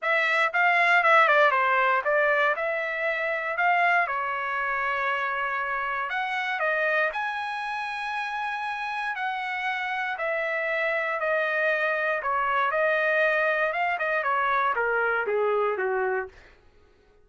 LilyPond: \new Staff \with { instrumentName = "trumpet" } { \time 4/4 \tempo 4 = 118 e''4 f''4 e''8 d''8 c''4 | d''4 e''2 f''4 | cis''1 | fis''4 dis''4 gis''2~ |
gis''2 fis''2 | e''2 dis''2 | cis''4 dis''2 f''8 dis''8 | cis''4 ais'4 gis'4 fis'4 | }